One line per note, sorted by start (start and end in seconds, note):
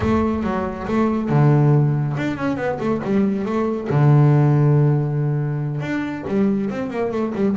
0.00 0.43 A3
0.43 0.86 F#3
0.87 1.29 A3
1.29 2.15 D3
2.17 2.37 D4
2.37 2.56 C#4
2.56 2.78 B3
2.79 3.01 A3
3.03 3.45 G3
3.45 3.88 A3
3.89 5.80 D3
5.80 6.24 D4
6.27 6.69 G3
6.69 6.90 C4
6.90 7.11 A#3
7.11 7.33 A3
7.34 7.56 G3